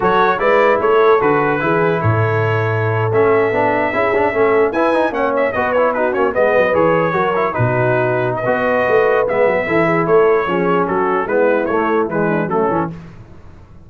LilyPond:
<<
  \new Staff \with { instrumentName = "trumpet" } { \time 4/4 \tempo 4 = 149 cis''4 d''4 cis''4 b'4~ | b'4 cis''2~ cis''8. e''16~ | e''2.~ e''8. gis''16~ | gis''8. fis''8 e''8 dis''8 cis''8 b'8 cis''8 dis''16~ |
dis''8. cis''2 b'4~ b'16~ | b'8. dis''2~ dis''16 e''4~ | e''4 cis''2 a'4 | b'4 cis''4 b'4 a'4 | }
  \new Staff \with { instrumentName = "horn" } { \time 4/4 a'4 b'4 a'2 | gis'4 a'2.~ | a'4.~ a'16 gis'4 a'4 b'16~ | b'8. cis''4 b'4 fis'4 b'16~ |
b'4.~ b'16 ais'4 fis'4~ fis'16~ | fis'8. b'2.~ b'16 | a'8 gis'8 a'4 gis'4 fis'4 | e'2~ e'8 d'8 cis'4 | }
  \new Staff \with { instrumentName = "trombone" } { \time 4/4 fis'4 e'2 fis'4 | e'2.~ e'8. cis'16~ | cis'8. d'4 e'8 d'8 cis'4 e'16~ | e'16 dis'8 cis'4 fis'8 e'8 dis'8 cis'8 b16~ |
b8. gis'4 fis'8 e'8 dis'4~ dis'16~ | dis'4 fis'2 b4 | e'2 cis'2 | b4 a4 gis4 a8 cis'8 | }
  \new Staff \with { instrumentName = "tuba" } { \time 4/4 fis4 gis4 a4 d4 | e4 a,2~ a,8. a16~ | a8. b4 cis'4 a4 e'16~ | e'8. ais4 b4. ais8 gis16~ |
gis16 fis8 e4 fis4 b,4~ b,16~ | b,4 b4 a4 gis8 fis8 | e4 a4 f4 fis4 | gis4 a4 e4 fis8 e8 | }
>>